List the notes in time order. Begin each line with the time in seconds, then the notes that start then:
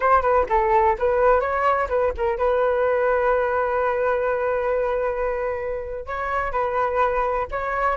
0.00 C5
0.22 B4
0.49 A4
0.98 B4
1.40 C#5
1.89 B4
2.17 A#4
2.38 B4
6.06 C#5
6.52 B4
7.51 C#5